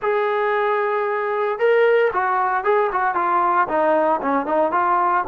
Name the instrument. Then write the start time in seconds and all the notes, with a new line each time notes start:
trombone
0.02 G#4
1.58 A#4
2.13 F#4
2.63 G#4
2.91 F#4
3.14 F4
3.67 D#4
4.21 C#4
4.45 D#4
4.71 F4